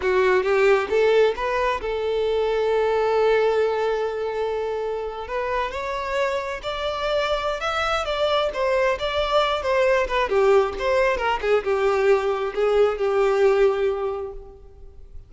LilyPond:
\new Staff \with { instrumentName = "violin" } { \time 4/4 \tempo 4 = 134 fis'4 g'4 a'4 b'4 | a'1~ | a'2.~ a'8. b'16~ | b'8. cis''2 d''4~ d''16~ |
d''4 e''4 d''4 c''4 | d''4. c''4 b'8 g'4 | c''4 ais'8 gis'8 g'2 | gis'4 g'2. | }